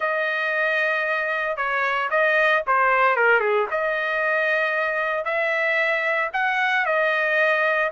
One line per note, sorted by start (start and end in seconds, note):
0.00 1.56 D#5
1.56 2.09 C#5
2.10 2.63 D#5
2.67 3.16 C5
3.16 3.39 A#4
3.39 3.66 G#4
3.70 5.24 D#5
5.24 6.30 E5
6.33 6.85 F#5
6.85 7.90 D#5